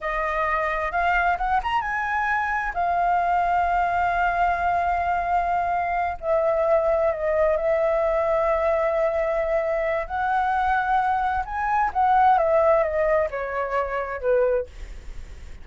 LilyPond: \new Staff \with { instrumentName = "flute" } { \time 4/4 \tempo 4 = 131 dis''2 f''4 fis''8 ais''8 | gis''2 f''2~ | f''1~ | f''4. e''2 dis''8~ |
dis''8 e''2.~ e''8~ | e''2 fis''2~ | fis''4 gis''4 fis''4 e''4 | dis''4 cis''2 b'4 | }